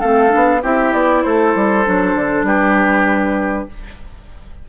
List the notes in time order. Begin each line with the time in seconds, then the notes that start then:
0.00 A3 C4 A4 F5
0.29 B3 D4
0.62 C4 E4 G4 E5
0.93 B3 D5
1.23 A3 A4 C5
1.55 G3
1.85 F#3 D4
2.15 D3
2.43 G3 G4 B4